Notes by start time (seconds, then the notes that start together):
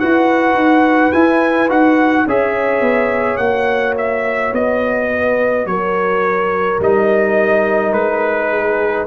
0.00 E4 F#4 B4 F#5
0.54 D#4
1.12 E4 G#5
1.69 D#4 F#4 F#5
2.27 C#4 G#4 C#5 E5
2.81 B3
3.37 A#3 F#4 F#5
3.98 E5
4.53 B3 D#5
5.14 B4
5.66 F#3 A#4 C#5
6.80 G3 D#4 D#5
7.92 G#3 B4
8.51 G#4